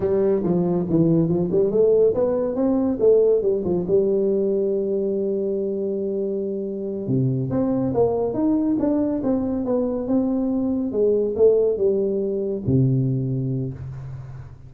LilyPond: \new Staff \with { instrumentName = "tuba" } { \time 4/4 \tempo 4 = 140 g4 f4 e4 f8 g8 | a4 b4 c'4 a4 | g8 f8 g2.~ | g1~ |
g8 c4 c'4 ais4 dis'8~ | dis'8 d'4 c'4 b4 c'8~ | c'4. gis4 a4 g8~ | g4. c2~ c8 | }